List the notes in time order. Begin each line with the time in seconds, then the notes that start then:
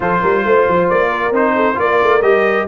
0.00 F3 F4 A4 C5
0.21 G3 A#4
0.44 A3 C5
0.68 F3
0.89 A#3 D5
1.08 A#4
1.31 C4 D#4 C5
1.55 A4
1.74 A#3 F4 A#4 D5
2.02 A3
2.21 G3 G4 D#5